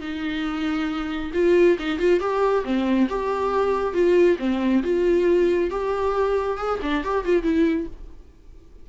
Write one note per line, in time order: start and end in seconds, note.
0.00 1.31 D#4
1.33 1.77 F4
1.79 1.98 D#4
1.98 2.20 F4
2.20 2.64 G4
2.64 3.08 C4
3.09 3.93 G4
3.93 4.37 F4
4.39 4.82 C4
4.83 5.70 F4
5.70 6.57 G4
6.57 6.79 G#4
6.82 7.04 D4
7.04 7.25 G4
7.25 7.43 F4
7.43 7.86 E4